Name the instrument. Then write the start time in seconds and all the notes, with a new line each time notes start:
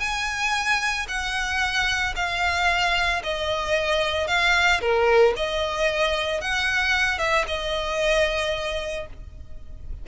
violin
0.00 G#5
1.08 F#5
2.16 F5
3.23 D#5
4.27 F5
4.81 A#4
5.36 D#5
6.41 F#5
7.19 E5
7.47 D#5